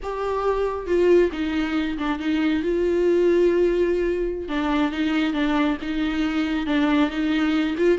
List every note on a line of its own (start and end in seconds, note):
0.02 0.86 G4
0.86 1.30 F4
1.32 1.97 D#4
1.97 2.19 D4
2.19 2.62 D#4
2.62 4.48 F4
4.48 4.91 D4
4.91 5.33 D#4
5.33 5.77 D4
5.81 6.66 D#4
6.66 7.09 D4
7.09 7.75 D#4
7.77 7.98 F4